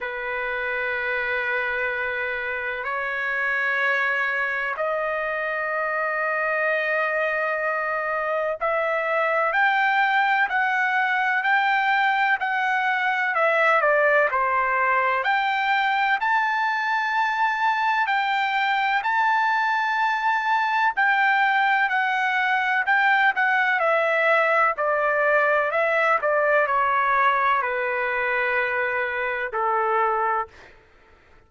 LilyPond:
\new Staff \with { instrumentName = "trumpet" } { \time 4/4 \tempo 4 = 63 b'2. cis''4~ | cis''4 dis''2.~ | dis''4 e''4 g''4 fis''4 | g''4 fis''4 e''8 d''8 c''4 |
g''4 a''2 g''4 | a''2 g''4 fis''4 | g''8 fis''8 e''4 d''4 e''8 d''8 | cis''4 b'2 a'4 | }